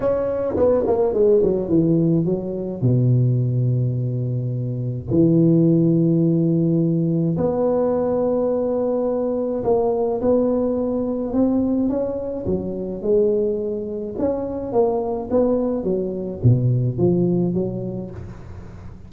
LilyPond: \new Staff \with { instrumentName = "tuba" } { \time 4/4 \tempo 4 = 106 cis'4 b8 ais8 gis8 fis8 e4 | fis4 b,2.~ | b,4 e2.~ | e4 b2.~ |
b4 ais4 b2 | c'4 cis'4 fis4 gis4~ | gis4 cis'4 ais4 b4 | fis4 b,4 f4 fis4 | }